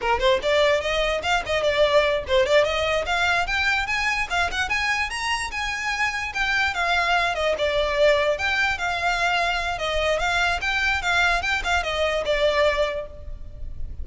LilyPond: \new Staff \with { instrumentName = "violin" } { \time 4/4 \tempo 4 = 147 ais'8 c''8 d''4 dis''4 f''8 dis''8 | d''4. c''8 d''8 dis''4 f''8~ | f''8 g''4 gis''4 f''8 fis''8 gis''8~ | gis''8 ais''4 gis''2 g''8~ |
g''8 f''4. dis''8 d''4.~ | d''8 g''4 f''2~ f''8 | dis''4 f''4 g''4 f''4 | g''8 f''8 dis''4 d''2 | }